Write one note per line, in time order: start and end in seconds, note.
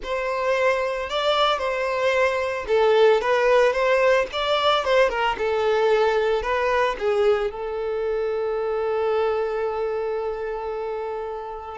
0.03 1.09 C5
1.09 1.58 D5
1.58 2.65 C5
2.67 3.21 A4
3.21 3.72 B4
3.72 4.26 C5
4.32 4.84 D5
4.84 5.09 C5
5.09 5.35 A#4
5.38 6.42 A4
6.42 6.95 B4
6.98 7.50 G#4
7.50 11.77 A4